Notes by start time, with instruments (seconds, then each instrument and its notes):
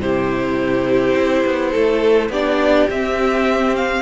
0.00 cello C3, viola E4, violin G4 C5
1.14 cello C4
1.45 cello B3
1.71 cello A3, violin A4
2.29 cello B3, viola D4, violin G4 D5
2.89 cello C4, viola C4, violin E5
3.76 violin F5